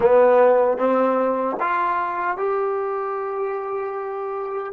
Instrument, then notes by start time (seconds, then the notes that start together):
trombone
0.00 B3
0.77 C4
1.60 F4
2.37 G4